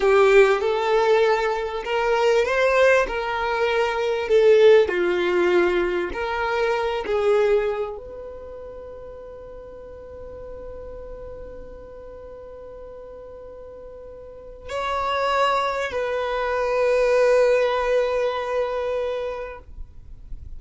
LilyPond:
\new Staff \with { instrumentName = "violin" } { \time 4/4 \tempo 4 = 98 g'4 a'2 ais'4 | c''4 ais'2 a'4 | f'2 ais'4. gis'8~ | gis'4 b'2.~ |
b'1~ | b'1 | cis''2 b'2~ | b'1 | }